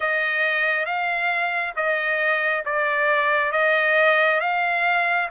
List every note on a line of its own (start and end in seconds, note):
0.00 0.85 D#5
0.85 1.74 F5
1.76 2.64 D#5
2.65 3.52 D5
3.52 4.40 D#5
4.40 5.28 F5